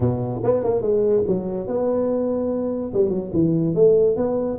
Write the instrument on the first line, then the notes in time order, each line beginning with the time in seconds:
tuba
0.00 B2
0.43 B3
0.63 A#3
0.81 G#3
1.27 F#3
1.67 B3
2.93 G3
3.09 F#3
3.33 E3
3.74 A3
4.16 B3